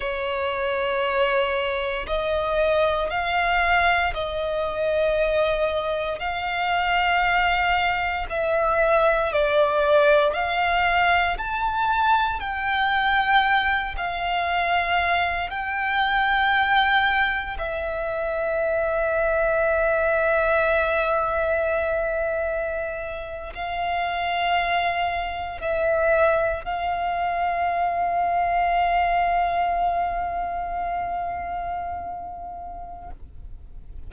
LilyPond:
\new Staff \with { instrumentName = "violin" } { \time 4/4 \tempo 4 = 58 cis''2 dis''4 f''4 | dis''2 f''2 | e''4 d''4 f''4 a''4 | g''4. f''4. g''4~ |
g''4 e''2.~ | e''2~ e''8. f''4~ f''16~ | f''8. e''4 f''2~ f''16~ | f''1 | }